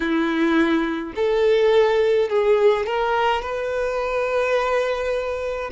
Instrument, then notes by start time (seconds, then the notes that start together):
violin
0.00 E4
1.15 A4
2.29 G#4
2.86 A#4
3.42 B4